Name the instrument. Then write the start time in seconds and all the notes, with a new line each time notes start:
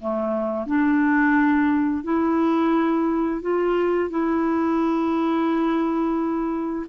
clarinet
0.00 A3
0.66 D4
2.04 E4
3.42 F4
4.10 E4